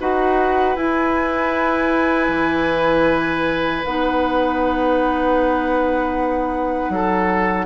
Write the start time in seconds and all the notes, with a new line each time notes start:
0.00 D#4 F#4 B4 F#5
0.76 E4 G#5
2.29 E3
3.85 B3 D#4 F#5
6.90 F#3 A4